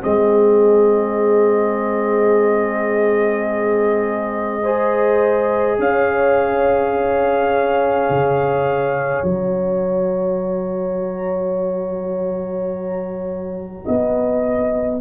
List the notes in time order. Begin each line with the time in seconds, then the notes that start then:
0.00 G#3 C4 G#4 D#5
4.62 G#4 C5
5.78 C#4 C#5 F5
8.09 C#3
9.23 F#3 F#4 A#5
13.85 B3 D#5